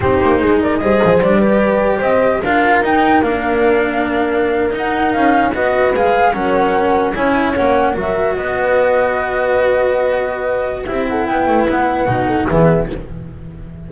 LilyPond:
<<
  \new Staff \with { instrumentName = "flute" } { \time 4/4 \tempo 4 = 149 c''4. d''8 dis''4 d''4~ | d''4 dis''4 f''4 g''4 | f''2.~ f''8. fis''16~ | fis''8. f''4 dis''4 f''4 fis''16~ |
fis''4.~ fis''16 gis''4 fis''4 e''16~ | e''8. dis''2.~ dis''16~ | dis''2. e''8 fis''8 | g''4 fis''2 e''4 | }
  \new Staff \with { instrumentName = "horn" } { \time 4/4 g'4 gis'8 ais'8 c''4. b'8~ | b'4 c''4 ais'2~ | ais'1~ | ais'4.~ ais'16 b'2 ais'16~ |
ais'4.~ ais'16 cis''2 ais'16~ | ais'8. b'2.~ b'16~ | b'2. g'8 a'8 | b'2~ b'8 a'8 gis'4 | }
  \new Staff \with { instrumentName = "cello" } { \time 4/4 dis'2 gis'4 d'8 g'8~ | g'2 f'4 dis'4 | d'2.~ d'8. dis'16~ | dis'4.~ dis'16 fis'4 gis'4 cis'16~ |
cis'4.~ cis'16 e'4 cis'4 fis'16~ | fis'1~ | fis'2. e'4~ | e'2 dis'4 b4 | }
  \new Staff \with { instrumentName = "double bass" } { \time 4/4 c'8 ais8 gis4 g8 f8 g4~ | g4 c'4 d'4 dis'4 | ais2.~ ais8. dis'16~ | dis'8. cis'4 b4 gis4 fis16~ |
fis4.~ fis16 cis'4 ais4 fis16~ | fis8. b2.~ b16~ | b2. c'4 | b8 a8 b4 b,4 e4 | }
>>